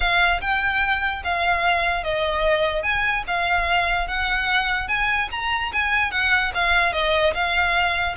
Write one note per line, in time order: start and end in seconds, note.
0.00 0.40 F5
0.41 1.22 G5
1.24 2.03 F5
2.03 2.83 D#5
2.83 3.23 G#5
3.27 4.07 F5
4.07 4.87 F#5
4.87 5.28 G#5
5.31 5.71 A#5
5.73 6.11 G#5
6.11 6.52 F#5
6.54 6.92 F5
6.92 7.33 D#5
7.34 8.15 F5